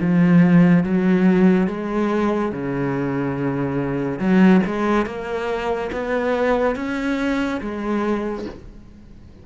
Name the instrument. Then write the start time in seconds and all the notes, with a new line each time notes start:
cello
0.00 F3
0.84 F#3
1.67 G#3
2.52 C#3
4.19 F#3
4.66 G#3
5.06 A#3
5.92 B3
6.76 C#4
7.61 G#3